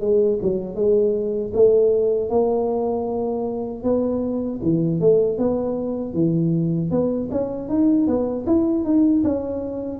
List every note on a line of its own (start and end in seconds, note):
0.00 0.38 G#3
0.42 0.75 F#3
0.75 1.52 G#3
1.53 2.29 A3
2.29 3.83 A#3
3.83 4.60 B3
4.62 5.00 E3
5.00 5.38 A3
5.38 6.13 B3
6.13 6.90 E3
6.91 7.29 B3
7.31 7.69 C#4
7.69 8.07 D#4
8.07 8.45 B3
8.46 8.84 E4
8.84 9.23 D#4
9.23 9.99 C#4